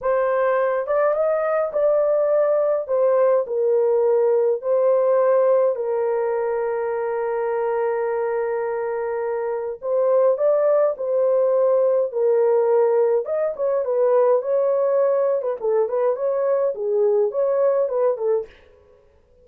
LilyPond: \new Staff \with { instrumentName = "horn" } { \time 4/4 \tempo 4 = 104 c''4. d''8 dis''4 d''4~ | d''4 c''4 ais'2 | c''2 ais'2~ | ais'1~ |
ais'4 c''4 d''4 c''4~ | c''4 ais'2 dis''8 cis''8 | b'4 cis''4.~ cis''16 b'16 a'8 b'8 | cis''4 gis'4 cis''4 b'8 a'8 | }